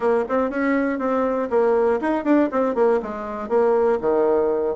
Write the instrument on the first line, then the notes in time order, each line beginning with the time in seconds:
bassoon
0.00 A#3
0.28 C4
0.50 C#4
0.99 C4
1.50 A#3
2.00 D#4
2.24 D4
2.51 C4
2.75 A#3
3.02 G#3
3.49 A#3
4.00 D#3